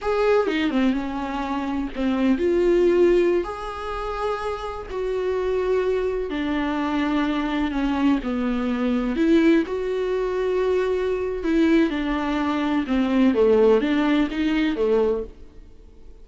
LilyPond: \new Staff \with { instrumentName = "viola" } { \time 4/4 \tempo 4 = 126 gis'4 dis'8 c'8 cis'2 | c'4 f'2~ f'16 gis'8.~ | gis'2~ gis'16 fis'4.~ fis'16~ | fis'4~ fis'16 d'2~ d'8.~ |
d'16 cis'4 b2 e'8.~ | e'16 fis'2.~ fis'8. | e'4 d'2 c'4 | a4 d'4 dis'4 a4 | }